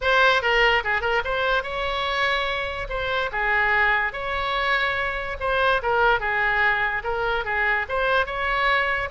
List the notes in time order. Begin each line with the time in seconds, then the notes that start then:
0.01 C5
0.41 A#4
0.84 G#4
1.01 A#4
1.24 C5
1.63 C#5
2.89 C5
3.31 G#4
4.13 C#5
5.40 C5
5.82 A#4
6.20 G#4
7.03 A#4
7.44 G#4
7.88 C5
8.26 C#5